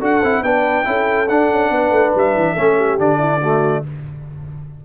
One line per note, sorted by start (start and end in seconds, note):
0.00 0.23 D4
0.00 0.22 F#4
0.00 0.43 A4
0.00 0.43 F#5
0.23 0.42 C4
0.23 0.45 E4
0.42 0.85 B3
0.42 0.84 D4
0.42 0.88 B4
0.42 1.29 G5
0.84 1.30 C#4
0.84 1.27 E4
0.84 1.73 A4
1.29 1.50 D4
1.29 2.57 D4
1.29 2.14 F#5
1.50 1.70 C#4
1.70 1.90 B3
1.70 2.53 B4
1.90 2.12 A3
2.15 2.35 G3
2.15 3.00 E5
2.35 2.57 E3
2.53 2.99 A3
2.53 2.99 C#4
2.53 2.75 A4
2.77 3.19 G4
2.99 3.84 D3
2.99 3.41 D4
2.99 3.85 D5
3.19 3.40 E4
3.41 3.84 A3
3.41 3.84 F#4